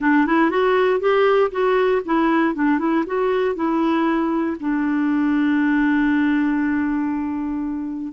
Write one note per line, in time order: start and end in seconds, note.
0.00 0.26 D4
0.26 0.50 E4
0.50 0.99 F#4
0.99 1.50 G4
1.51 2.02 F#4
2.05 2.54 E4
2.54 2.79 D4
2.79 3.04 E4
3.06 3.55 F#4
3.55 4.56 E4
4.60 8.12 D4